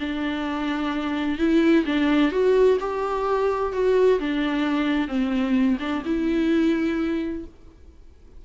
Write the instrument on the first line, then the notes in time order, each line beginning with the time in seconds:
viola
0.00 D4
1.38 E4
1.86 D4
2.31 F#4
2.80 G4
3.73 F#4
4.19 D4
5.08 C4
5.80 D4
6.05 E4